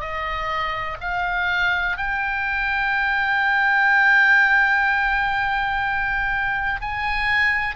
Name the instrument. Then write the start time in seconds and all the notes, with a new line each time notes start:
oboe
0.00 D#5
1.01 F5
1.97 G5
6.81 G#5